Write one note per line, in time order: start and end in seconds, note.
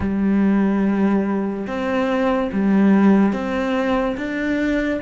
0.00 1.67 G3
1.67 2.50 C4
2.52 3.32 G3
3.32 4.16 C4
4.17 5.00 D4